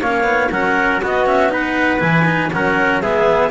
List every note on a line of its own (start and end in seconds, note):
0.00 0.50 A#3
0.00 0.23 C#4
0.00 0.50 C#5
0.00 0.51 F5
0.23 0.48 B3
0.50 1.00 F#3
0.50 1.01 C#4
0.50 1.01 A#4
0.50 1.01 F#5
1.01 1.26 B3
1.01 2.01 B3
1.01 1.51 F#4
1.01 1.26 D#5
1.26 1.49 C#4
1.26 1.51 E5
1.49 1.99 D#4
1.49 2.52 B4
1.49 2.00 F#5
1.99 2.51 E3
1.99 2.24 E4
1.99 2.50 G#5
2.25 2.50 D#4
2.53 3.01 F#3
2.53 3.03 C#4
2.53 3.01 A#4
2.53 3.01 F#5
3.01 3.50 G#3
3.01 3.50 B3
3.01 3.50 G#4
3.01 3.50 E5